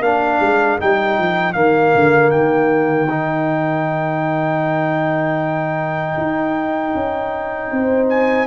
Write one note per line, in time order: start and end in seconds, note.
0.00 0.38 A#3
0.00 0.80 D4
0.00 7.69 A#4
0.00 0.79 F5
0.41 0.79 G#3
0.80 1.19 G3
0.80 1.55 D#4
0.80 1.54 G5
1.19 1.56 F3
1.54 1.94 D#3
1.54 3.08 A#3
1.54 2.31 F5
1.95 2.32 D3
2.31 6.17 D#3
2.31 8.08 G5
3.10 8.47 D#4
6.18 6.95 D#4
6.95 7.71 C#4
7.71 8.47 C4
7.71 8.47 C5
8.10 8.47 G#5